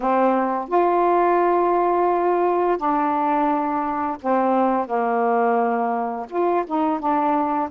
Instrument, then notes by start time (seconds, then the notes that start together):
saxophone
0.00 C4
0.68 F4
2.77 D4
4.21 C4
4.86 A#3
6.29 F4
6.67 D#4
6.99 D4